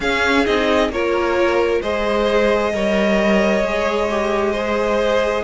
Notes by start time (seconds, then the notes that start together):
0.00 C#4 G#4 F5
0.45 C4 D#4 D#5
0.89 A#3 F4 A#4 C#5
1.81 G#3 G#4 C5 D#5
2.73 G3 A#4 C#5
3.62 G#3 G#4
4.09 G4
4.52 G#4 C5